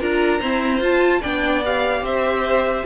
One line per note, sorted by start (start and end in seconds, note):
0.00 0.41 D4
0.00 0.41 F4
0.00 0.39 A#4
0.00 0.83 A#5
0.39 0.81 C4
0.39 0.80 E4
0.39 1.21 C5
0.80 1.21 F4
0.80 1.22 F4
0.80 1.22 A5
1.21 2.02 B3
1.21 1.64 D4
1.21 2.02 D5
1.21 1.62 G5
1.65 2.85 G4
1.65 2.05 F5
2.02 2.83 C4
2.02 2.85 C5
2.02 2.85 E5